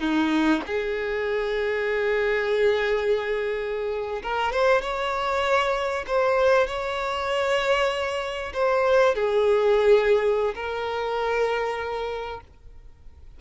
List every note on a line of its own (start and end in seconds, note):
0.00 0.62 D#4
0.66 4.22 G#4
4.23 4.52 A#4
4.52 4.81 C5
4.81 6.05 C#5
6.07 6.67 C5
6.67 8.53 C#5
8.53 9.15 C5
9.15 10.54 G#4
10.55 12.40 A#4